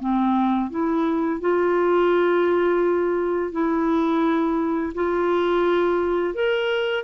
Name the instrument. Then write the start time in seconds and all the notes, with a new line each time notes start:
clarinet
0.00 C4
0.71 E4
1.41 F4
3.52 E4
4.94 F4
6.34 A#4